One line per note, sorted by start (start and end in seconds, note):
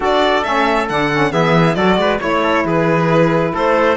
0.00 0.43 D4
0.00 0.43 F#4
0.00 1.32 A4
0.00 0.43 D5
0.43 0.89 A3
0.43 0.87 C#4
0.43 0.87 E5
0.89 1.32 D3
0.89 1.12 D4
0.89 1.31 F#5
1.12 1.31 C#4
1.31 1.76 E3
1.31 1.75 B3
1.31 1.76 G#4
1.31 1.74 E5
1.74 1.96 F#3
1.74 2.18 F#4
1.74 1.98 A4
1.74 2.18 D5
1.96 2.18 G#3
1.96 2.19 B4
2.18 2.64 A3
2.18 3.94 E4
2.18 2.41 C#5
2.18 2.66 C#5
2.42 2.64 A4
2.64 3.52 E3
2.64 3.53 G#4
2.64 3.54 B4
3.53 3.96 A3
3.53 3.96 A4
3.53 3.96 C5